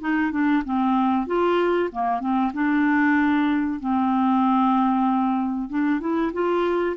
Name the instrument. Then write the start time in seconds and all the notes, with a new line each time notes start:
clarinet
0.00 D#4
0.32 D4
0.64 C4
1.27 F4
1.92 A#3
2.20 C4
2.53 D4
3.80 C4
5.69 D4
6.00 E4
6.33 F4